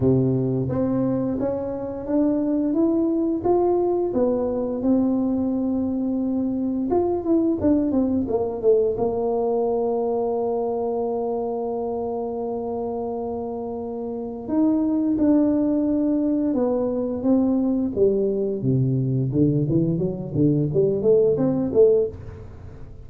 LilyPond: \new Staff \with { instrumentName = "tuba" } { \time 4/4 \tempo 4 = 87 c4 c'4 cis'4 d'4 | e'4 f'4 b4 c'4~ | c'2 f'8 e'8 d'8 c'8 | ais8 a8 ais2.~ |
ais1~ | ais4 dis'4 d'2 | b4 c'4 g4 c4 | d8 e8 fis8 d8 g8 a8 c'8 a8 | }